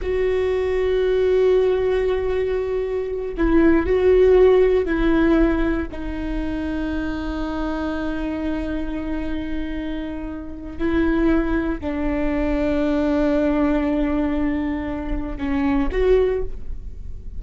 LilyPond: \new Staff \with { instrumentName = "viola" } { \time 4/4 \tempo 4 = 117 fis'1~ | fis'2~ fis'8 e'4 fis'8~ | fis'4. e'2 dis'8~ | dis'1~ |
dis'1~ | dis'4 e'2 d'4~ | d'1~ | d'2 cis'4 fis'4 | }